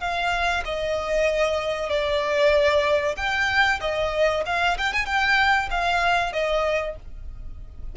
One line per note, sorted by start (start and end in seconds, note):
0.00 0.63 F5
0.65 1.89 D#5
1.89 3.16 D5
3.16 3.80 G5
3.80 4.44 D#5
4.46 4.77 F5
4.77 4.93 G5
4.93 5.06 G#5
5.06 5.69 G5
5.70 6.32 F5
6.32 6.96 D#5